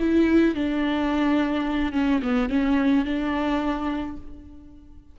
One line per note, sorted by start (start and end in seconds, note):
0.00 0.55 E4
0.55 1.93 D4
1.93 2.21 C#4
2.23 2.50 B3
2.50 3.05 C#4
3.05 4.17 D4